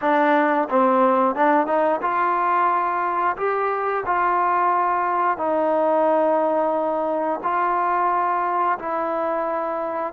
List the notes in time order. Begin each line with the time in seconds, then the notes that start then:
0.01 D4
0.69 C4
1.35 D4
1.66 D#4
2.01 F4
3.36 G4
4.06 F4
5.37 D#4
7.43 F4
8.78 E4